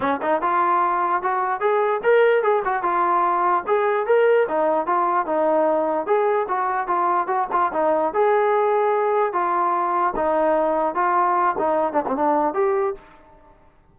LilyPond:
\new Staff \with { instrumentName = "trombone" } { \time 4/4 \tempo 4 = 148 cis'8 dis'8 f'2 fis'4 | gis'4 ais'4 gis'8 fis'8 f'4~ | f'4 gis'4 ais'4 dis'4 | f'4 dis'2 gis'4 |
fis'4 f'4 fis'8 f'8 dis'4 | gis'2. f'4~ | f'4 dis'2 f'4~ | f'8 dis'4 d'16 c'16 d'4 g'4 | }